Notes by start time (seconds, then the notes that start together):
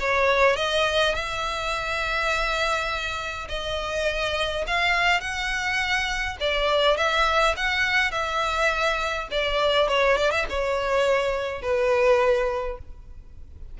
0.00 C#5
0.56 D#5
1.15 E5
3.48 D#5
4.67 F5
5.21 F#5
6.40 D5
6.97 E5
7.56 F#5
8.12 E5
9.31 D5
9.88 C#5
10.18 D5
10.31 E5
10.49 C#5
11.62 B4